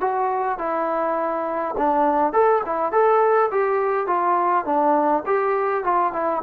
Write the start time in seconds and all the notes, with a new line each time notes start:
0.00 F#4
0.58 E4
1.77 D4
2.32 A4
2.65 E4
2.92 A4
3.51 G4
4.07 F4
4.65 D4
5.26 G4
5.84 F4
6.12 E4